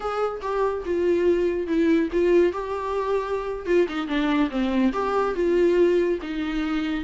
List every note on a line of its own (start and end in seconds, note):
0.00 0.40 G#4
0.41 0.83 G4
0.85 1.67 F4
1.67 2.09 E4
2.12 2.52 F4
2.52 3.66 G4
3.66 3.87 F4
3.88 4.07 D#4
4.07 4.49 D4
4.50 4.92 C4
4.93 5.35 G4
5.35 6.18 F4
6.22 7.04 D#4